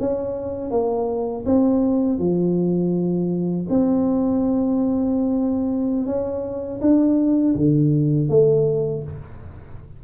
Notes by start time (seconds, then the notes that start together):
0.00 C#4
0.70 A#3
1.45 C4
2.19 F3
3.69 C4
6.06 C#4
6.81 D4
7.55 D3
8.29 A3